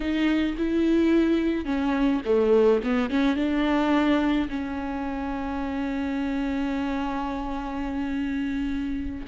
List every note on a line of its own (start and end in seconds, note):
0.00 0.56 D#4
0.57 1.65 E4
1.65 2.21 C#4
2.25 2.81 A3
2.83 3.10 B3
3.10 3.36 C#4
3.36 4.48 D4
4.49 9.25 C#4